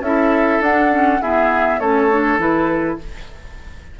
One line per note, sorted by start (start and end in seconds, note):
0.00 0.59 C#4
0.00 0.64 E4
0.00 1.22 A4
0.00 0.62 E5
0.60 1.20 D4
0.60 0.90 D4
0.60 1.22 F#5
0.90 1.20 C#4
1.22 1.82 B3
1.22 1.80 E4
1.22 1.81 G#4
1.22 1.80 E5
1.80 2.38 A3
1.80 2.11 C#4
1.80 3.00 A4
1.80 2.39 C#5
2.12 2.39 D4
2.38 2.98 E3
2.38 2.99 E4
2.38 3.00 B4